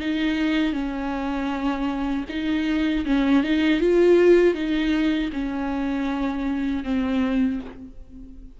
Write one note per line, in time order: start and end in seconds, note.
0.00 0.72 D#4
0.72 2.24 C#4
2.29 3.04 D#4
3.05 3.43 C#4
3.43 3.80 D#4
3.80 4.54 F4
4.54 5.30 D#4
5.32 6.84 C#4
6.84 7.59 C4